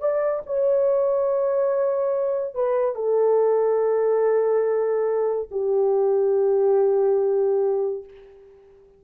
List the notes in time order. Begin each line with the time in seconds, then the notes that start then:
0.00 D5
0.46 C#5
2.55 B4
2.95 A4
5.51 G4